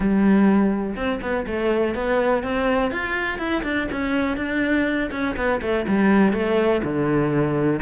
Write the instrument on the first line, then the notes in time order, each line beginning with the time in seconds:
cello
0.00 G3
0.96 C4
1.21 B3
1.46 A3
1.94 B3
2.43 C4
2.91 F4
3.38 E4
3.63 D4
3.91 C#4
4.37 D4
5.11 C#4
5.36 B3
5.61 A3
5.87 G3
6.32 A3
6.83 D3